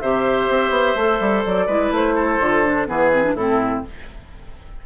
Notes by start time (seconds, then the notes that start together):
0.00 C3 G4 C5 E5
0.49 C4
0.70 B3
0.96 A3 A4
1.20 G3
1.46 F#3 D5
1.67 G#3 E4 B4
1.91 A3 C5
2.16 A4
2.40 D3 F4
2.65 D4
2.87 E3 B3 G#4 B4
3.12 C4
3.24 D4
3.35 A2 C4 E4 A4